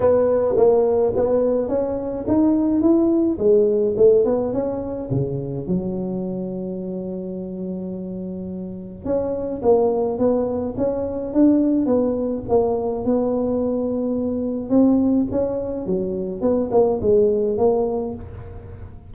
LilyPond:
\new Staff \with { instrumentName = "tuba" } { \time 4/4 \tempo 4 = 106 b4 ais4 b4 cis'4 | dis'4 e'4 gis4 a8 b8 | cis'4 cis4 fis2~ | fis1 |
cis'4 ais4 b4 cis'4 | d'4 b4 ais4 b4~ | b2 c'4 cis'4 | fis4 b8 ais8 gis4 ais4 | }